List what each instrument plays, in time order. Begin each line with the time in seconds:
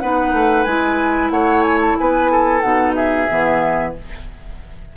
0.00 bassoon B3, clarinet D#4, oboe B4, flute F#5
0.33 bassoon A3
0.64 bassoon G#3, clarinet E4, flute G#5
1.31 bassoon A3, oboe C#5, flute F#5
1.62 flute G#5
1.82 flute A5
1.98 bassoon B3, oboe B4, flute G#5
2.32 oboe A4
2.61 bassoon B2, clarinet D#4, flute F#5
2.96 oboe G#4, flute E5
3.29 bassoon E3, clarinet B3